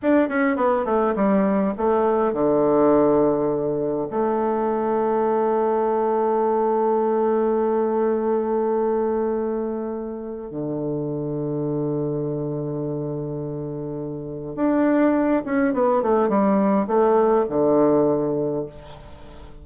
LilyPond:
\new Staff \with { instrumentName = "bassoon" } { \time 4/4 \tempo 4 = 103 d'8 cis'8 b8 a8 g4 a4 | d2. a4~ | a1~ | a1~ |
a2 d2~ | d1~ | d4 d'4. cis'8 b8 a8 | g4 a4 d2 | }